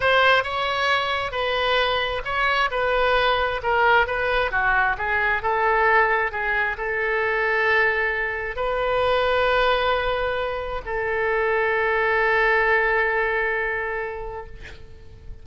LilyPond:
\new Staff \with { instrumentName = "oboe" } { \time 4/4 \tempo 4 = 133 c''4 cis''2 b'4~ | b'4 cis''4 b'2 | ais'4 b'4 fis'4 gis'4 | a'2 gis'4 a'4~ |
a'2. b'4~ | b'1 | a'1~ | a'1 | }